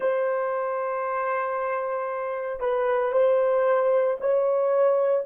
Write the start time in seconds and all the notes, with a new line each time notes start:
0.00 C5
2.59 B4
3.12 C5
4.20 C#5